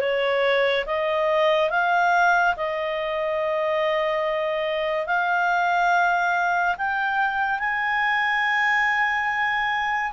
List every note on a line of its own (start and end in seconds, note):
0.00 0.85 C#5
0.86 1.70 D#5
1.70 2.54 F5
2.56 5.06 D#5
5.06 6.75 F5
6.77 7.59 G5
7.59 10.12 G#5